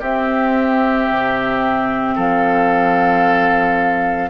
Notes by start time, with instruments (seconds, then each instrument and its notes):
0.00 bassoon C4, clarinet C4, oboe G4, flute E5
1.09 bassoon C3
2.15 bassoon F3, oboe A4, flute F5